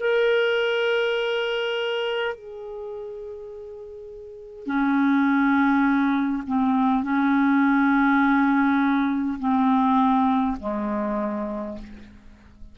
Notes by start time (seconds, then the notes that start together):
0.00 A#4
2.35 G#4
4.66 C#4
6.47 C4
7.03 C#4
9.40 C4
10.60 G#3